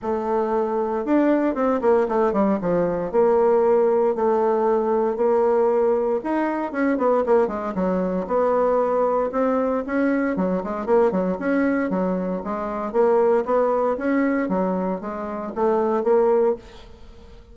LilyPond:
\new Staff \with { instrumentName = "bassoon" } { \time 4/4 \tempo 4 = 116 a2 d'4 c'8 ais8 | a8 g8 f4 ais2 | a2 ais2 | dis'4 cis'8 b8 ais8 gis8 fis4 |
b2 c'4 cis'4 | fis8 gis8 ais8 fis8 cis'4 fis4 | gis4 ais4 b4 cis'4 | fis4 gis4 a4 ais4 | }